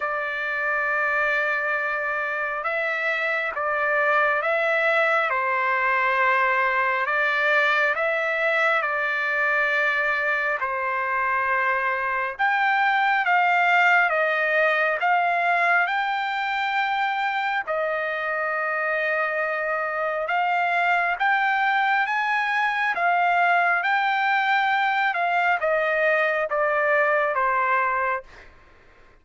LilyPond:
\new Staff \with { instrumentName = "trumpet" } { \time 4/4 \tempo 4 = 68 d''2. e''4 | d''4 e''4 c''2 | d''4 e''4 d''2 | c''2 g''4 f''4 |
dis''4 f''4 g''2 | dis''2. f''4 | g''4 gis''4 f''4 g''4~ | g''8 f''8 dis''4 d''4 c''4 | }